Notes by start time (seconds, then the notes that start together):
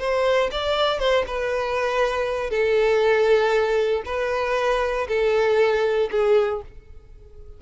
0.00 C5
0.52 D5
1.00 C5
1.28 B4
2.51 A4
4.06 B4
5.09 A4
6.11 G#4